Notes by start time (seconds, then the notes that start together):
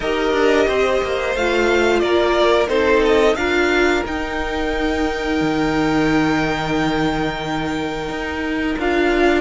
0.00 D#4 G4 A#4 D#5
0.33 D4
0.67 C4 C5
1.01 A#3
1.35 A3 F4 F5
1.99 A#3 A#4 D5
2.67 C4 D#4 A4 C5
3.05 D#5
3.35 D4 F4 A#4 F5
4.05 D#4 G5
5.40 D#3
8.08 D#4
8.79 D4 F4 F5